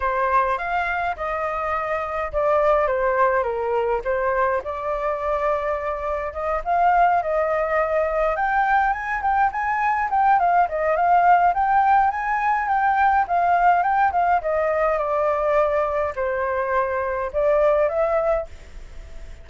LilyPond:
\new Staff \with { instrumentName = "flute" } { \time 4/4 \tempo 4 = 104 c''4 f''4 dis''2 | d''4 c''4 ais'4 c''4 | d''2. dis''8 f''8~ | f''8 dis''2 g''4 gis''8 |
g''8 gis''4 g''8 f''8 dis''8 f''4 | g''4 gis''4 g''4 f''4 | g''8 f''8 dis''4 d''2 | c''2 d''4 e''4 | }